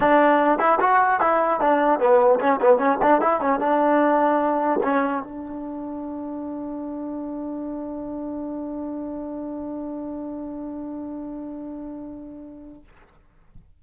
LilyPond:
\new Staff \with { instrumentName = "trombone" } { \time 4/4 \tempo 4 = 150 d'4. e'8 fis'4 e'4 | d'4 b4 cis'8 b8 cis'8 d'8 | e'8 cis'8 d'2. | cis'4 d'2.~ |
d'1~ | d'1~ | d'1~ | d'1 | }